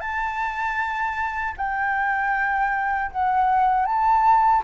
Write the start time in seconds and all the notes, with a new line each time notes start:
0.00 A5
1.57 G5
3.11 F#5
3.86 A5